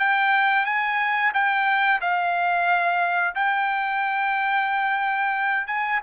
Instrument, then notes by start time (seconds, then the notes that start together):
trumpet
0.00 G5
0.66 G#5
1.34 G5
2.02 F5
3.36 G5
5.68 G#5